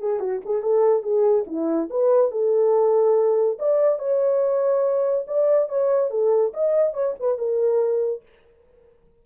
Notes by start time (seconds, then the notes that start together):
0.00 G#4
0.20 F#4
0.46 G#4
0.63 A4
1.03 G#4
1.47 E4
1.91 B4
2.31 A4
3.59 D5
3.99 C#5
5.27 D5
5.69 C#5
6.11 A4
6.54 D#5
6.94 C#5
7.20 B4
7.38 A#4